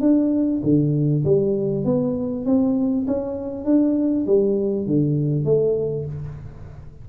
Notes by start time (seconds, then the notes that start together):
0.00 D4
0.63 D3
1.24 G3
1.85 B3
2.45 C4
3.07 C#4
3.64 D4
4.26 G3
4.86 D3
5.44 A3